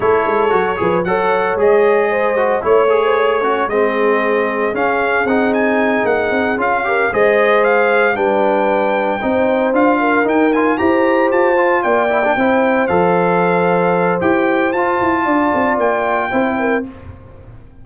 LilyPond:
<<
  \new Staff \with { instrumentName = "trumpet" } { \time 4/4 \tempo 4 = 114 cis''2 fis''4 dis''4~ | dis''4 cis''2 dis''4~ | dis''4 f''4 fis''8 gis''4 fis''8~ | fis''8 f''4 dis''4 f''4 g''8~ |
g''2~ g''8 f''4 g''8 | gis''8 ais''4 a''4 g''4.~ | g''8 f''2~ f''8 g''4 | a''2 g''2 | }
  \new Staff \with { instrumentName = "horn" } { \time 4/4 a'4. b'8 cis''2 | c''4 cis''8. c''16 cis''8 cis'8 gis'4~ | gis'1~ | gis'4 ais'8 c''2 b'8~ |
b'4. c''4. ais'4~ | ais'8 c''2 d''4 c''8~ | c''1~ | c''4 d''2 c''8 ais'8 | }
  \new Staff \with { instrumentName = "trombone" } { \time 4/4 e'4 fis'8 gis'8 a'4 gis'4~ | gis'8 fis'8 e'8 gis'4 fis'8 c'4~ | c'4 cis'4 dis'2~ | dis'8 f'8 g'8 gis'2 d'8~ |
d'4. dis'4 f'4 dis'8 | f'8 g'4. f'4 e'16 d'16 e'8~ | e'8 a'2~ a'8 g'4 | f'2. e'4 | }
  \new Staff \with { instrumentName = "tuba" } { \time 4/4 a8 gis8 fis8 f8 fis4 gis4~ | gis4 a2 gis4~ | gis4 cis'4 c'4. ais8 | c'8 cis'4 gis2 g8~ |
g4. c'4 d'4 dis'8~ | dis'8 e'4 f'4 ais4 c'8~ | c'8 f2~ f8 e'4 | f'8 e'8 d'8 c'8 ais4 c'4 | }
>>